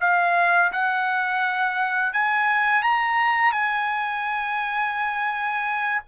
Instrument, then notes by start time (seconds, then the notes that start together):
trumpet
0.00 F5
0.72 F#5
2.13 G#5
2.82 A#5
3.52 G#5